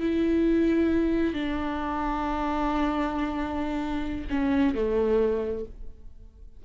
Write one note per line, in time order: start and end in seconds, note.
0.00 1.34 E4
1.34 4.27 D4
4.30 4.75 C#4
4.75 5.65 A3